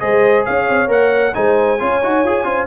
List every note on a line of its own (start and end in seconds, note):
0.00 0.47 G#3
0.00 0.88 G#4
0.00 0.45 C5
0.00 0.45 D#5
0.45 0.69 C#4
0.45 1.34 C#5
0.45 0.90 F5
0.69 0.88 C4
0.88 1.33 A#3
0.88 1.32 A#4
0.88 1.35 F#5
1.34 1.81 G#3
1.34 1.79 D#4
1.34 1.80 C5
1.34 2.67 G#5
1.80 2.03 C#4
1.80 2.02 F4
1.80 2.46 C#5
2.03 2.24 D#4
2.03 2.25 F#4
2.24 2.44 F4
2.24 2.44 G#4
2.44 2.67 C#4
2.44 2.66 F4
2.44 2.67 C5